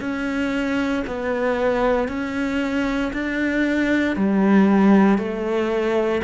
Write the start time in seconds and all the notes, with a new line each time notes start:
0.00 C#4
1.07 B3
2.08 C#4
3.13 D4
4.16 G3
5.18 A3